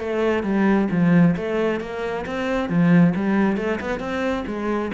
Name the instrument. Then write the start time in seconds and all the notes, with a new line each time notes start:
cello
0.00 A3
0.43 G3
0.91 F3
1.36 A3
1.80 A#3
2.26 C4
2.69 F3
3.15 G3
3.57 A3
3.80 B3
4.00 C4
4.47 G#3